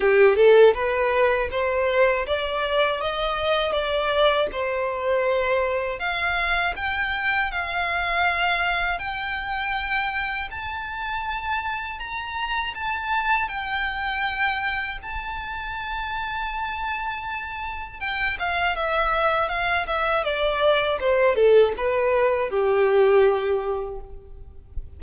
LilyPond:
\new Staff \with { instrumentName = "violin" } { \time 4/4 \tempo 4 = 80 g'8 a'8 b'4 c''4 d''4 | dis''4 d''4 c''2 | f''4 g''4 f''2 | g''2 a''2 |
ais''4 a''4 g''2 | a''1 | g''8 f''8 e''4 f''8 e''8 d''4 | c''8 a'8 b'4 g'2 | }